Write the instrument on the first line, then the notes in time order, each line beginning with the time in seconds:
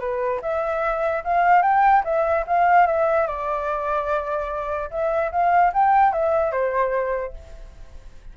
flute
0.00 B4
0.42 E5
1.24 F5
1.62 G5
2.04 E5
2.47 F5
2.87 E5
3.27 D5
4.91 E5
5.32 F5
5.73 G5
6.13 E5
6.52 C5